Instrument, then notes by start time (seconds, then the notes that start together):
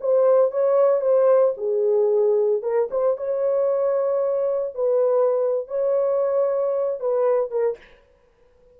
horn
0.00 C5
0.51 C#5
1.01 C5
1.57 G#4
2.62 A#4
2.90 C5
3.17 C#5
4.74 B4
5.67 C#5
6.99 B4
7.51 A#4